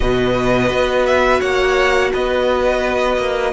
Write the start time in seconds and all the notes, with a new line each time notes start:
0.00 B2 F#4 B4 D#5
0.69 B3
1.05 E5
1.40 A#3 C#5 F#5
2.13 B3 B4 D#5
3.17 A#3